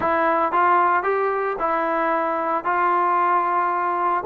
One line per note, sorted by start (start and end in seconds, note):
0.00 0.51 E4
0.51 1.03 F4
1.03 1.56 G4
1.59 2.64 E4
2.64 4.23 F4